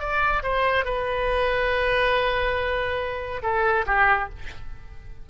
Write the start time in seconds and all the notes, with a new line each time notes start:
0.00 D5
0.43 C5
0.85 B4
3.43 A4
3.87 G4